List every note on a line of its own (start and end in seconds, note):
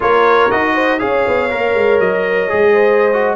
0.00 0.51 A#3
0.00 0.50 F4
0.00 0.74 A#4
0.00 0.51 C#5
0.50 1.01 D#4
0.50 0.99 F#4
0.50 0.99 D#5
0.74 0.99 C5
0.99 1.26 C#4
0.99 1.49 G#4
0.99 2.72 C#5
0.99 1.99 F5
1.27 1.50 B3
1.49 1.74 A#3
1.49 2.49 A#4
1.74 1.99 G#3
1.99 2.49 F#3
1.99 3.35 D#5
2.49 3.35 G#3
2.49 3.11 G#4
2.72 3.35 C5
3.12 3.35 F#4